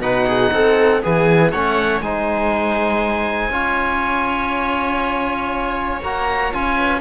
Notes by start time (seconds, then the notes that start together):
0.00 B2 D#4 B4 F#5
0.27 G#4
0.52 C4 A4
1.02 E3 B3 G#4 G#5
1.52 A3 C#4 C#5 F#5
2.00 G#3 D#4 C5 G#5
3.49 C#4 F4 C#5
6.03 A#3 F#4 A#5
6.53 C#4 F4 G#5
6.76 B4